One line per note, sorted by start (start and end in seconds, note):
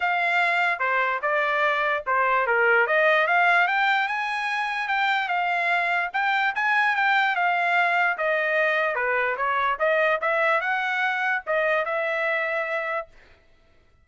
0.00 0.79 F5
0.79 1.20 C5
1.22 2.03 D5
2.06 2.47 C5
2.47 2.86 A#4
2.86 3.27 D#5
3.27 3.67 F5
3.67 4.07 G5
4.07 4.88 G#5
4.88 5.28 G5
5.28 6.10 F5
6.13 6.54 G5
6.55 6.96 G#5
6.96 7.35 G5
7.35 8.17 F5
8.17 8.95 D#5
8.95 9.36 B4
9.37 9.77 C#5
9.79 10.19 D#5
10.21 10.60 E5
10.60 11.42 F#5
11.46 11.85 D#5
11.85 13.07 E5